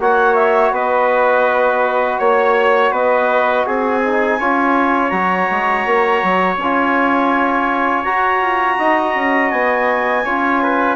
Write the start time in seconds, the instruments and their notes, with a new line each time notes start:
0.00 bassoon A#3, trombone F#4, trumpet C#5, clarinet F#5
0.35 clarinet E5
0.71 bassoon B3, trumpet B4, clarinet D#5
2.19 bassoon A#3, trumpet C#5, clarinet C#5
2.91 bassoon B3, trumpet B4, clarinet D#5
3.66 bassoon C4, trumpet G#4, clarinet G#5
4.04 trombone D#4
4.39 bassoon C#4, trombone F4, trumpet C#5
5.09 bassoon F#3, trombone F#4, clarinet A#5
5.51 bassoon G#3
5.86 bassoon A#3
6.23 bassoon F#3
6.57 bassoon C#4, trombone F4, clarinet G#5
8.04 trombone F#4, bassoon F#4, clarinet A#5
8.41 bassoon F4
8.79 bassoon D#4, trumpet D#5
9.15 bassoon C#4
9.50 bassoon B3, clarinet G#5
10.25 bassoon C#4, trombone F4, trumpet C#5
10.63 trumpet B4